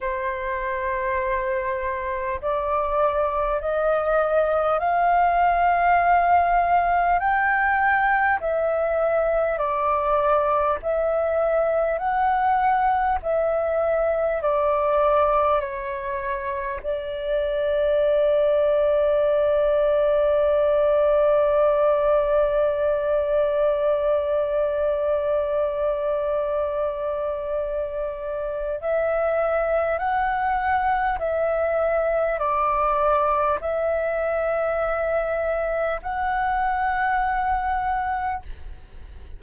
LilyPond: \new Staff \with { instrumentName = "flute" } { \time 4/4 \tempo 4 = 50 c''2 d''4 dis''4 | f''2 g''4 e''4 | d''4 e''4 fis''4 e''4 | d''4 cis''4 d''2~ |
d''1~ | d''1 | e''4 fis''4 e''4 d''4 | e''2 fis''2 | }